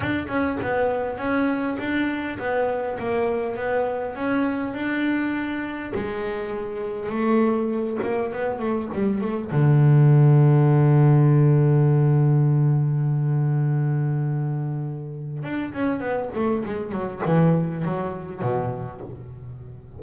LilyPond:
\new Staff \with { instrumentName = "double bass" } { \time 4/4 \tempo 4 = 101 d'8 cis'8 b4 cis'4 d'4 | b4 ais4 b4 cis'4 | d'2 gis2 | a4. ais8 b8 a8 g8 a8 |
d1~ | d1~ | d2 d'8 cis'8 b8 a8 | gis8 fis8 e4 fis4 b,4 | }